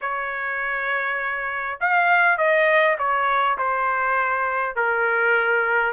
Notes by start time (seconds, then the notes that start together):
0.01 C#5
1.80 F5
2.37 D#5
2.98 C#5
3.58 C5
4.75 A#4